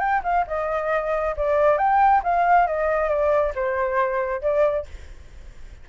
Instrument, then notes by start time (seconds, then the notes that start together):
flute
0.00 G5
0.24 F5
0.48 D#5
1.37 D5
1.78 G5
2.24 F5
2.68 D#5
3.09 D5
3.56 C5
4.42 D5